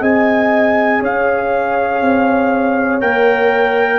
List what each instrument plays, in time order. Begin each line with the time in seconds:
0.00 tuba C4, trombone G#4, horn D#5, trumpet G#5
1.00 tuba C#4, horn C#5, trumpet F5
2.02 tuba C4
3.01 tuba A#3, trombone A#4, trumpet G5